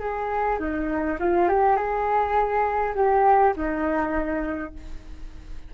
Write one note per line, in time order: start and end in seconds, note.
0.00 0.59 G#4
0.59 1.18 D#4
1.20 1.49 F4
1.49 1.77 G4
1.77 2.95 G#4
2.95 3.54 G4
3.57 4.74 D#4